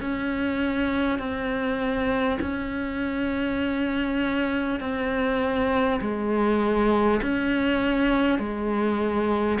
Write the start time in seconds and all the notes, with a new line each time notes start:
0.00 C#4
1.18 C4
2.40 C#4
4.79 C4
6.00 G#3
7.22 C#4
8.38 G#3